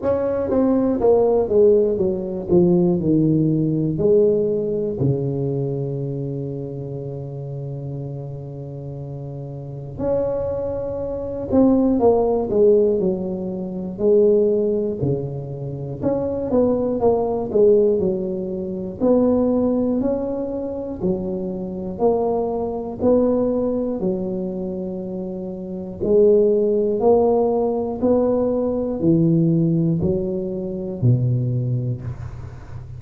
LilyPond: \new Staff \with { instrumentName = "tuba" } { \time 4/4 \tempo 4 = 60 cis'8 c'8 ais8 gis8 fis8 f8 dis4 | gis4 cis2.~ | cis2 cis'4. c'8 | ais8 gis8 fis4 gis4 cis4 |
cis'8 b8 ais8 gis8 fis4 b4 | cis'4 fis4 ais4 b4 | fis2 gis4 ais4 | b4 e4 fis4 b,4 | }